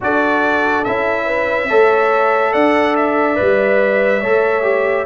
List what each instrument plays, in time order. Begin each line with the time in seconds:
0.01 tuba D4, trombone F#4, horn A4, trumpet D5
0.84 tuba C#4, trombone E4, trumpet E5
1.25 horn B4
1.68 tuba A3, trombone A4, horn C#5
2.52 tuba D4, horn D5, trumpet F#5
2.96 trumpet E5
3.35 tuba G3, trombone B4
4.20 tuba A3, trombone A4, horn C#5
4.62 trombone G4